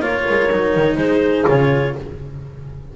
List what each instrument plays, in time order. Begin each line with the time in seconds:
0.00 double bass A#3, cello F4, horn A#4, clarinet C#5
0.29 double bass G#3
0.51 double bass F#3, cello D#4
0.76 double bass D#3
0.96 double bass G#3, horn G#4, clarinet C5
1.47 double bass C#3, cello F4, clarinet C#5